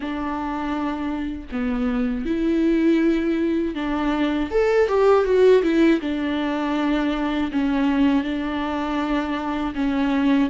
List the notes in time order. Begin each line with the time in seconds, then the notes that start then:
0.00 D4
1.51 B3
2.25 E4
3.74 D4
4.50 A4
4.88 G4
5.24 F#4
5.62 E4
6.00 D4
7.51 C#4
8.23 D4
9.74 C#4